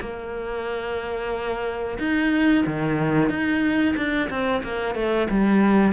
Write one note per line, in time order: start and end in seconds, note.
0.00 1.98 A#3
1.98 2.64 D#4
2.66 3.29 D#3
3.29 3.95 D#4
3.96 4.29 D4
4.29 4.62 C4
4.63 4.95 A#3
4.95 5.28 A3
5.30 5.92 G3